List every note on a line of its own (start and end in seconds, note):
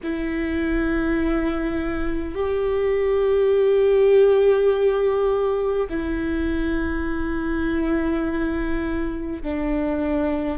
0.03 2.34 E4
2.34 5.87 G4
5.89 9.42 E4
9.42 10.58 D4